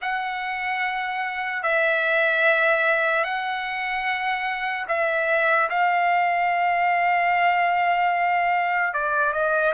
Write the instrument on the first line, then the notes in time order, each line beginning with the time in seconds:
trumpet
0.01 F#5
1.62 E5
3.24 F#5
4.88 E5
5.69 F5
8.93 D5
9.32 D#5